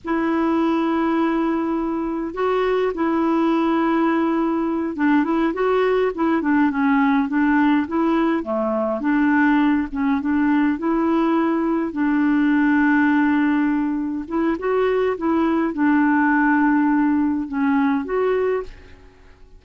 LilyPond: \new Staff \with { instrumentName = "clarinet" } { \time 4/4 \tempo 4 = 103 e'1 | fis'4 e'2.~ | e'8 d'8 e'8 fis'4 e'8 d'8 cis'8~ | cis'8 d'4 e'4 a4 d'8~ |
d'4 cis'8 d'4 e'4.~ | e'8 d'2.~ d'8~ | d'8 e'8 fis'4 e'4 d'4~ | d'2 cis'4 fis'4 | }